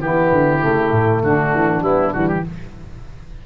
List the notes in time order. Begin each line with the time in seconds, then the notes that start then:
0.00 E3 B3 E4 G4
0.31 D3
0.59 C#3 A3
0.91 A2
1.22 D3 D4 F#4
1.54 E3
1.81 G3 B3 E4
2.11 E3 G3 F#4
2.28 G4